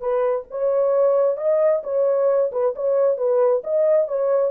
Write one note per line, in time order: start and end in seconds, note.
0.00 0.45 B4
0.50 1.37 C#5
1.37 1.82 D#5
1.83 2.51 C#5
2.52 2.74 B4
2.75 3.17 C#5
3.17 3.62 B4
3.64 4.07 D#5
4.07 4.51 C#5